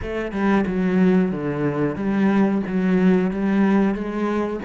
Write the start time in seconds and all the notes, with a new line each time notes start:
0.01 A3
0.31 G3
0.66 F#3
1.31 D3
1.95 G3
2.66 F#3
3.30 G3
3.94 G#3